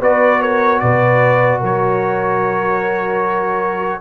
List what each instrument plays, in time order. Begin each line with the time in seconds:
0.00 tuba B3, trombone F#4, horn B4, trumpet D5
0.41 horn A#4, trumpet C#5
0.80 tuba B2, horn B4, trumpet D5
1.60 tuba F#3, horn A#4, trumpet C#5